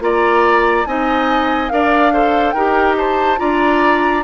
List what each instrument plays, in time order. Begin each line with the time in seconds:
0.00 bassoon A#3, clarinet F4, oboe D5, flute A#5
0.86 bassoon C4, clarinet D#4, oboe D#5, flute G#5
1.69 bassoon D4, clarinet A#4, oboe D5, flute F5
2.13 clarinet A4, oboe C5
2.51 bassoon D#4, clarinet G4, oboe A#4, flute G5
2.97 oboe C5, flute A5
3.38 bassoon D4, clarinet F4, oboe D5, flute A#5